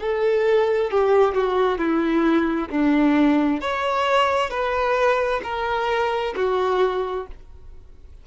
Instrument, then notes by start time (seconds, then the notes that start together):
violin
0.00 A4
0.91 G4
1.34 F#4
1.78 E4
2.70 D4
3.60 C#5
4.50 B4
5.43 A#4
6.36 F#4